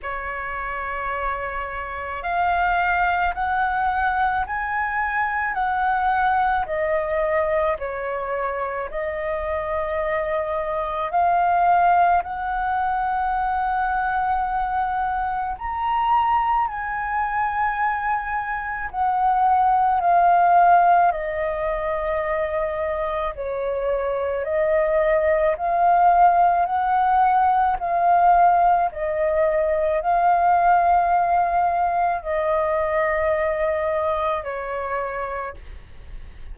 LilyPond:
\new Staff \with { instrumentName = "flute" } { \time 4/4 \tempo 4 = 54 cis''2 f''4 fis''4 | gis''4 fis''4 dis''4 cis''4 | dis''2 f''4 fis''4~ | fis''2 ais''4 gis''4~ |
gis''4 fis''4 f''4 dis''4~ | dis''4 cis''4 dis''4 f''4 | fis''4 f''4 dis''4 f''4~ | f''4 dis''2 cis''4 | }